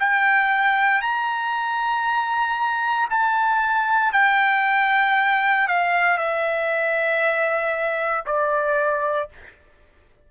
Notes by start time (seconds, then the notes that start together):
0.00 G5
1.02 A#5
3.10 A5
4.13 G5
5.68 F5
6.18 E5
8.26 D5